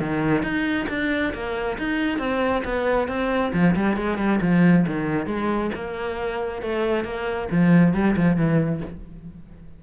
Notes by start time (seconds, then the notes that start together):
0.00 D#3
0.43 D#4
0.89 D4
1.33 A#3
1.78 D#4
2.18 C4
2.64 B3
3.08 C4
3.53 F3
3.75 G3
3.96 G#3
4.18 G3
4.41 F3
4.87 D#3
5.26 G#3
5.75 A#3
6.62 A3
7.04 A#3
7.51 F3
7.93 G3
8.16 F3
8.36 E3